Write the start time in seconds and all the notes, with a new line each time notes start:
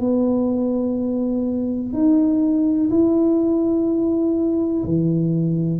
0.00 B3
1.93 D#4
2.90 E4
4.84 E3